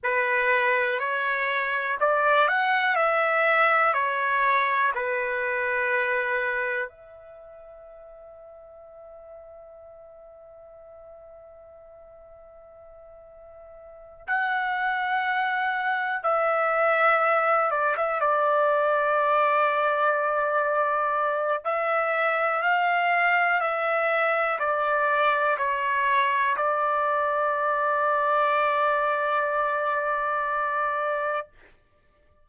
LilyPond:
\new Staff \with { instrumentName = "trumpet" } { \time 4/4 \tempo 4 = 61 b'4 cis''4 d''8 fis''8 e''4 | cis''4 b'2 e''4~ | e''1~ | e''2~ e''8 fis''4.~ |
fis''8 e''4. d''16 e''16 d''4.~ | d''2 e''4 f''4 | e''4 d''4 cis''4 d''4~ | d''1 | }